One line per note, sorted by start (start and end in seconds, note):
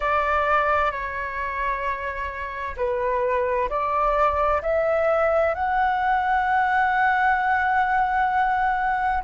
0.00 0.91 D5
0.91 2.75 C#5
2.77 3.69 B4
3.69 4.62 D5
4.62 5.54 E5
5.54 9.23 F#5